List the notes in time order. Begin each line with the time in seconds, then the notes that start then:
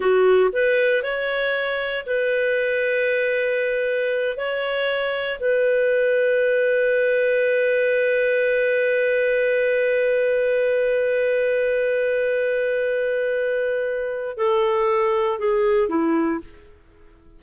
0.00 F#4
0.52 B4
1.03 C#5
2.06 B4
4.36 C#5
5.39 B4
14.37 A4
15.38 G#4
15.88 E4